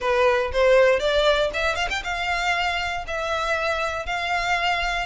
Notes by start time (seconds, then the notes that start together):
0.00 B4
0.52 C5
0.99 D5
1.53 E5
1.75 F5
1.90 G5
2.03 F5
3.07 E5
4.05 F5